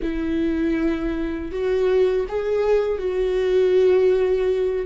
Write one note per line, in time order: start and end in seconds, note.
0.02 1.51 E4
1.51 2.26 F#4
2.28 2.98 G#4
2.98 4.86 F#4